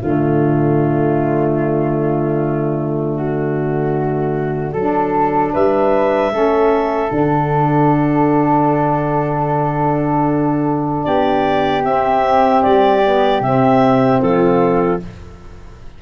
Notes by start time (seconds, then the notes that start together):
0.00 D3 A3 F4 D5
3.16 F#4
4.73 F#3 D4 A4
5.53 G3 B4 E5
6.31 A3 C#4 A4
7.08 D3 D4 F#5
11.04 B3 G4 D5
11.84 C4 E5
12.63 G3 D5
13.04 B3
13.40 C3 C4 E5
14.21 F3 F4 A4